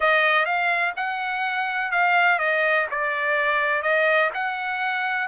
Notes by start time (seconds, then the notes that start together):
0.00 D#5
0.45 F5
0.96 F#5
1.91 F5
2.39 D#5
2.90 D5
3.82 D#5
4.34 F#5